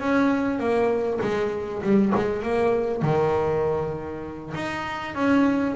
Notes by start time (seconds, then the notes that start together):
0.00 C#4
0.59 A#3
1.21 G#3
1.82 G3
2.15 G#3
2.42 A#3
3.02 D#3
4.54 D#4
5.15 C#4